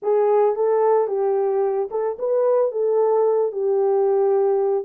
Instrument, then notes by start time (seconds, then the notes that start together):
horn
0.02 G#4
0.55 A4
1.07 G4
1.90 A4
2.18 B4
2.71 A4
3.51 G4